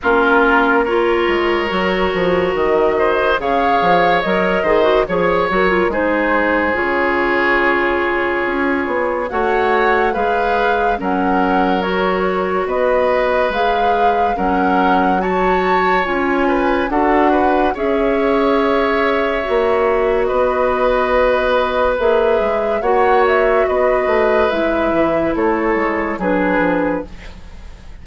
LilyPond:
<<
  \new Staff \with { instrumentName = "flute" } { \time 4/4 \tempo 4 = 71 ais'4 cis''2 dis''4 | f''4 dis''4 cis''8 ais'8 c''4 | cis''2. fis''4 | f''4 fis''4 cis''4 dis''4 |
f''4 fis''4 a''4 gis''4 | fis''4 e''2. | dis''2 e''4 fis''8 e''8 | dis''4 e''4 cis''4 b'4 | }
  \new Staff \with { instrumentName = "oboe" } { \time 4/4 f'4 ais'2~ ais'8 c''8 | cis''4. c''8 cis''4 gis'4~ | gis'2. cis''4 | b'4 ais'2 b'4~ |
b'4 ais'4 cis''4. b'8 | a'8 b'8 cis''2. | b'2. cis''4 | b'2 a'4 gis'4 | }
  \new Staff \with { instrumentName = "clarinet" } { \time 4/4 cis'4 f'4 fis'2 | gis'4 ais'8 gis'16 fis'16 gis'8 fis'16 f'16 dis'4 | f'2. fis'4 | gis'4 cis'4 fis'2 |
gis'4 cis'4 fis'4 f'4 | fis'4 gis'2 fis'4~ | fis'2 gis'4 fis'4~ | fis'4 e'2 d'4 | }
  \new Staff \with { instrumentName = "bassoon" } { \time 4/4 ais4. gis8 fis8 f8 dis4 | cis8 f8 fis8 dis8 f8 fis8 gis4 | cis2 cis'8 b8 a4 | gis4 fis2 b4 |
gis4 fis2 cis'4 | d'4 cis'2 ais4 | b2 ais8 gis8 ais4 | b8 a8 gis8 e8 a8 gis8 fis8 f8 | }
>>